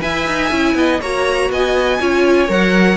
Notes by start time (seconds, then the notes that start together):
0.00 E4 B4 E5 G#5
0.27 D#4
0.50 C#4 E4
0.75 B3 D#5
1.01 A#3 F#4 C#5 A#5
1.50 B3 D#5 G#5
2.00 C#4 F4 C#5
2.48 F#3 A#4 F#5